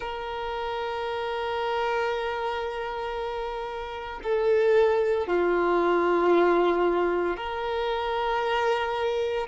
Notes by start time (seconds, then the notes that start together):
0.00 A#4
4.23 A4
5.27 F4
7.36 A#4